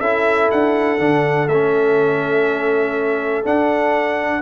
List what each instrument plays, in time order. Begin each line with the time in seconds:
0.00 tuba C#4, trombone E4, horn A4, trumpet E5
0.51 tuba D4, trumpet F#5
0.98 tuba D3, trombone D4
1.47 tuba A3, trombone C#4, trumpet E5
3.44 trombone D4, tuba D4, trumpet F#5